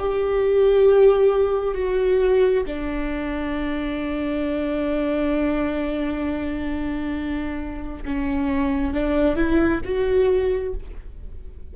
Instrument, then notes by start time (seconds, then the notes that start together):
viola
0.00 G4
1.75 F#4
2.67 D4
8.06 C#4
8.94 D4
9.37 E4
9.85 F#4